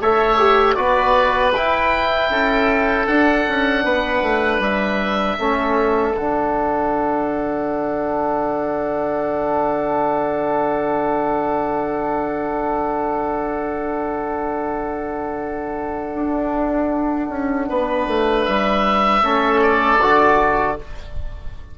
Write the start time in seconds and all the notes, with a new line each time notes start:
0.00 A3 A4 C#5 E5
0.38 G4
0.75 B3 F#4 B4 D5
1.55 E4 G5
2.30 C#4 A4
3.07 D4 F#5
3.48 C#4
3.84 B3 B4
4.22 A3
4.59 G3 E5
5.38 A3 C#4 A4
6.13 D3 D4 F#5
16.15 D4
17.29 C#4
17.68 B3 B4
18.07 A3
18.45 G3 E5
19.22 A3 C#4 A4
19.62 D5
20.01 D3 F#4